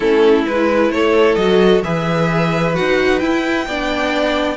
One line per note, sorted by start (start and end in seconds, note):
0.00 0.46 A3
0.00 0.46 C#4
0.00 0.91 E4
0.00 0.44 A4
0.46 0.90 G#3
0.46 1.39 E4
0.46 0.91 B4
0.90 1.36 A3
0.90 1.84 A4
0.90 1.35 C#5
1.35 1.82 F#3
1.35 1.84 F#4
1.35 1.80 D#5
1.83 2.77 E3
1.83 2.74 G#4
1.83 3.67 B4
1.83 2.75 E5
2.74 3.22 D#4
2.74 3.20 F#4
2.74 3.19 F#5
3.19 3.66 E4
3.19 3.67 E4
3.19 4.56 G5
3.67 4.56 B3
3.67 4.56 D4
3.67 4.56 D5